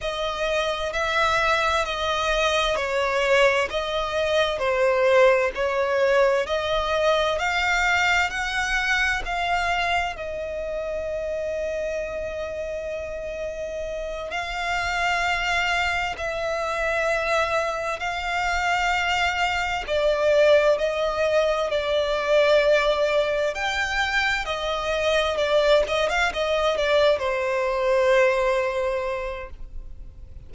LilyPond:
\new Staff \with { instrumentName = "violin" } { \time 4/4 \tempo 4 = 65 dis''4 e''4 dis''4 cis''4 | dis''4 c''4 cis''4 dis''4 | f''4 fis''4 f''4 dis''4~ | dis''2.~ dis''8 f''8~ |
f''4. e''2 f''8~ | f''4. d''4 dis''4 d''8~ | d''4. g''4 dis''4 d''8 | dis''16 f''16 dis''8 d''8 c''2~ c''8 | }